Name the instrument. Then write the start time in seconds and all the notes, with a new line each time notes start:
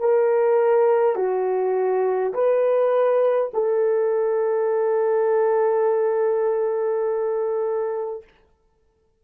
horn
0.00 A#4
1.16 F#4
2.34 B4
3.54 A4